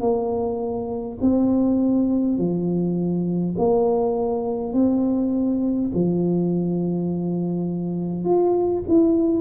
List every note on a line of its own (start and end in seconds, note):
0.00 1.18 A#3
1.21 2.37 C4
2.37 3.55 F3
3.58 4.73 A#3
4.73 5.90 C4
5.94 8.24 F3
8.24 8.83 F4
8.88 9.41 E4